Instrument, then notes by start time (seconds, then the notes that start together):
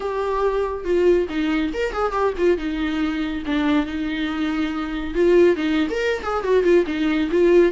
viola
0.00 G4
0.84 F4
1.29 D#4
1.73 A#4
1.92 G#4
2.12 G4
2.37 F4
2.57 D#4
3.46 D4
3.86 D#4
5.14 F4
5.56 D#4
5.90 A#4
6.22 G#4
6.43 F#4
6.63 F4
6.86 D#4
7.31 F4